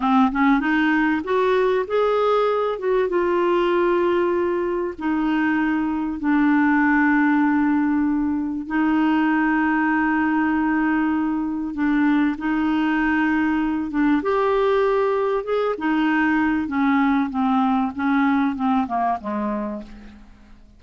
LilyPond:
\new Staff \with { instrumentName = "clarinet" } { \time 4/4 \tempo 4 = 97 c'8 cis'8 dis'4 fis'4 gis'4~ | gis'8 fis'8 f'2. | dis'2 d'2~ | d'2 dis'2~ |
dis'2. d'4 | dis'2~ dis'8 d'8 g'4~ | g'4 gis'8 dis'4. cis'4 | c'4 cis'4 c'8 ais8 gis4 | }